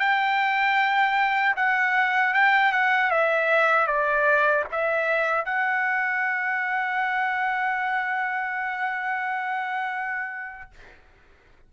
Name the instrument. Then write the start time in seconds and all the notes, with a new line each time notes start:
trumpet
0.00 G5
1.57 F#5
2.34 G5
2.73 F#5
3.11 E5
3.87 D5
4.72 E5
5.45 F#5